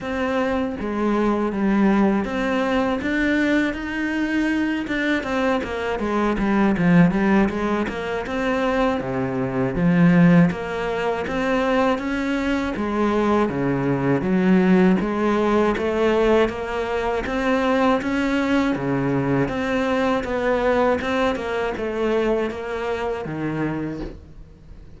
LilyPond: \new Staff \with { instrumentName = "cello" } { \time 4/4 \tempo 4 = 80 c'4 gis4 g4 c'4 | d'4 dis'4. d'8 c'8 ais8 | gis8 g8 f8 g8 gis8 ais8 c'4 | c4 f4 ais4 c'4 |
cis'4 gis4 cis4 fis4 | gis4 a4 ais4 c'4 | cis'4 cis4 c'4 b4 | c'8 ais8 a4 ais4 dis4 | }